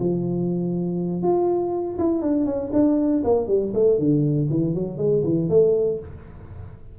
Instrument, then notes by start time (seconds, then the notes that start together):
tuba
0.00 F3
1.22 F4
1.99 E4
2.22 D4
2.46 C#4
2.73 D4
3.24 A#3
3.48 G3
3.74 A3
3.99 D3
4.50 E3
4.75 F#3
4.98 G#3
5.24 E3
5.50 A3